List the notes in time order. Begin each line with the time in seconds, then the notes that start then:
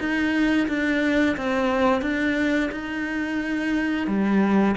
0.00 D#4
0.69 D4
1.38 C4
2.02 D4
2.72 D#4
4.08 G3